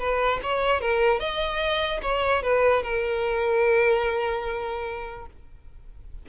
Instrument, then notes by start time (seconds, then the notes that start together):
violin
0.00 B4
0.43 C#5
0.81 A#4
1.20 D#5
2.03 C#5
2.43 B4
2.83 A#4